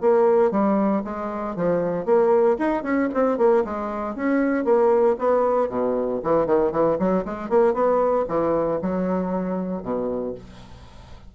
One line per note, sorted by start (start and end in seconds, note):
0.00 0.51 A#3
0.51 1.02 G3
1.04 1.55 G#3
1.55 2.05 F3
2.05 2.57 A#3
2.58 2.83 D#4
2.83 3.08 C#4
3.14 3.38 C4
3.38 3.63 A#3
3.64 4.15 G#3
4.15 4.64 C#4
4.64 5.16 A#3
5.18 5.69 B3
5.69 6.20 B2
6.23 6.46 E3
6.46 6.71 D#3
6.71 6.97 E3
6.99 7.24 F#3
7.25 7.49 G#3
7.49 7.73 A#3
7.73 8.25 B3
8.28 8.80 E3
8.81 9.82 F#3
9.82 10.34 B2